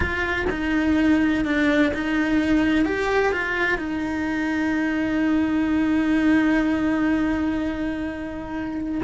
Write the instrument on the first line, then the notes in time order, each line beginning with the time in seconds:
cello
0.00 F4
0.50 D#4
1.44 D4
1.94 D#4
2.85 G4
3.32 F4
3.77 D#4